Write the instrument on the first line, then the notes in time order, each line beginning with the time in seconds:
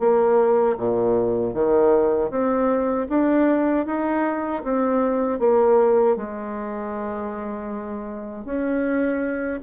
bassoon
0.00 A#3
0.78 A#2
1.54 D#3
2.30 C4
3.09 D4
3.86 D#4
4.64 C4
5.40 A#3
6.16 G#3
8.45 C#4